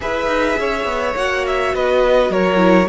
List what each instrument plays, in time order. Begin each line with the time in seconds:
0.00 cello E4, viola G#4, violin B4 E5
0.26 cello D#4
0.58 cello C#4, violin C#5
0.84 cello B3
1.16 cello A#3, viola F#4, violin F#5
1.46 violin E5
1.74 cello B3, violin B4 D#5
2.29 cello F#3, violin A#4 C#5
2.56 viola E4